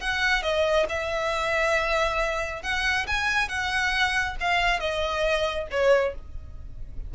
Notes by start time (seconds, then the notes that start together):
0.00 F#5
0.42 D#5
0.89 E5
2.62 F#5
3.07 G#5
3.48 F#5
4.40 F5
4.80 D#5
5.71 C#5